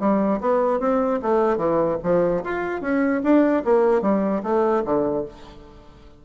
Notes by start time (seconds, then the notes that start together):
0.00 G3
0.40 B3
0.80 C4
1.22 A3
1.57 E3
2.03 F3
2.44 F4
2.82 C#4
3.23 D4
3.65 A#3
4.02 G3
4.43 A3
4.85 D3